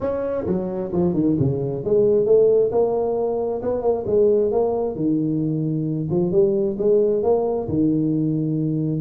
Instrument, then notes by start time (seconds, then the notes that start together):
tuba
0.00 C#4
0.46 F#3
0.92 F3
1.13 D#3
1.39 C#3
1.84 G#3
2.25 A3
2.71 A#3
3.62 B3
3.82 A#3
4.06 G#3
4.51 A#3
4.95 D#3
6.10 F3
6.31 G3
6.78 G#3
7.22 A#3
7.68 D#3